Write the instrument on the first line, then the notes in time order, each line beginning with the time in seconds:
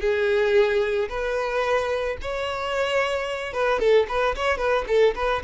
violin
0.00 G#4
1.09 B4
2.21 C#5
3.53 B4
3.79 A4
4.08 B4
4.35 C#5
4.57 B4
4.87 A4
5.15 B4